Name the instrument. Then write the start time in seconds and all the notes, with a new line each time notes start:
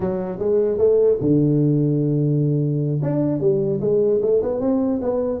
tuba
0.00 F#3
0.39 G#3
0.78 A3
1.21 D3
3.02 D4
3.40 G3
3.81 G#3
4.22 A3
4.42 B3
4.60 C4
5.01 B3